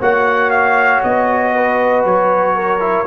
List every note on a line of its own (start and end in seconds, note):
0.00 1.03 A#3
0.00 2.80 F#4
0.00 1.53 C#5
0.00 0.51 F#5
0.51 1.01 F5
1.04 2.05 B3
1.04 2.05 D#5
1.55 2.56 B4
2.05 3.07 F#3
2.05 3.07 C#5
2.56 3.07 A#4
2.80 3.06 E4